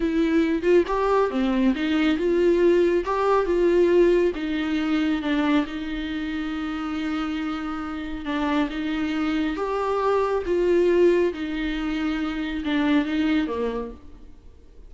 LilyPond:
\new Staff \with { instrumentName = "viola" } { \time 4/4 \tempo 4 = 138 e'4. f'8 g'4 c'4 | dis'4 f'2 g'4 | f'2 dis'2 | d'4 dis'2.~ |
dis'2. d'4 | dis'2 g'2 | f'2 dis'2~ | dis'4 d'4 dis'4 ais4 | }